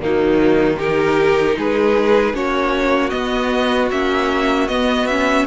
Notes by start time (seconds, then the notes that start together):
0.00 D#3 F#3 A#3 D#4
0.78 D#4 G4 A#4
1.57 G#3 G#4 B4
2.33 A#3 C#4 F#4 C#5
3.10 B3 D#5
3.91 A#3 C#4 E5
4.68 B3 D#5
5.07 C#4 E5